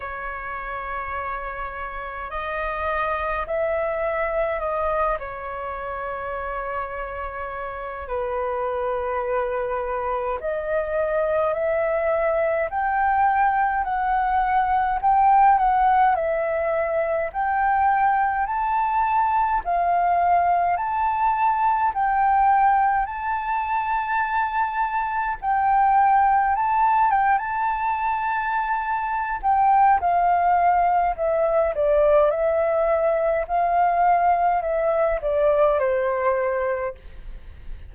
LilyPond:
\new Staff \with { instrumentName = "flute" } { \time 4/4 \tempo 4 = 52 cis''2 dis''4 e''4 | dis''8 cis''2~ cis''8 b'4~ | b'4 dis''4 e''4 g''4 | fis''4 g''8 fis''8 e''4 g''4 |
a''4 f''4 a''4 g''4 | a''2 g''4 a''8 g''16 a''16~ | a''4. g''8 f''4 e''8 d''8 | e''4 f''4 e''8 d''8 c''4 | }